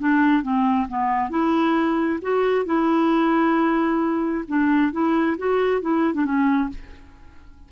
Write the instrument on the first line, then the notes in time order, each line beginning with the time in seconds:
clarinet
0.00 D4
0.43 C4
0.89 B3
1.30 E4
2.22 F#4
2.66 E4
4.48 D4
4.93 E4
5.38 F#4
5.82 E4
6.14 D4
6.25 C#4